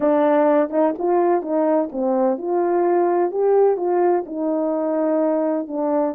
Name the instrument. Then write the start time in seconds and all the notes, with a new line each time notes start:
horn
0.00 D4
0.70 D#4
0.98 F4
1.42 D#4
1.91 C4
2.38 F4
3.31 G4
3.77 F4
4.26 D#4
5.67 D4